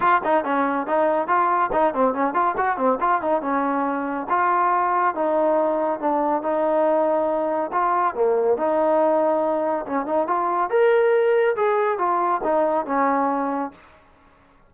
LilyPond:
\new Staff \with { instrumentName = "trombone" } { \time 4/4 \tempo 4 = 140 f'8 dis'8 cis'4 dis'4 f'4 | dis'8 c'8 cis'8 f'8 fis'8 c'8 f'8 dis'8 | cis'2 f'2 | dis'2 d'4 dis'4~ |
dis'2 f'4 ais4 | dis'2. cis'8 dis'8 | f'4 ais'2 gis'4 | f'4 dis'4 cis'2 | }